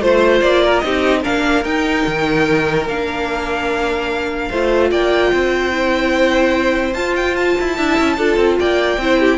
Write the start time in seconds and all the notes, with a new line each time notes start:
0.00 A3 F4 C5
0.41 A#3 D5
0.63 A#4
0.79 C4 D#4 G4 D#5
1.22 A#3 D4 A#4 F5
1.64 D#4 G5
2.06 D#3
2.86 A#3 D4 F5
4.49 A3 F4 C5
4.91 A#3 D5 G5
5.31 C4 C5
5.71 E4
6.93 F4 A5
7.15 G5
7.35 A5
7.60 E4
7.75 D4 E4 E5
7.99 C#4
8.17 D4 F4 A4
8.36 C4
8.59 A#3 D5 G5
8.97 C4 E4 C5
9.20 G4